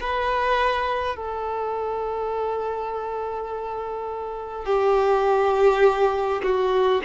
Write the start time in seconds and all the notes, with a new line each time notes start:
0.00 B4
1.16 A4
4.65 G4
6.43 F#4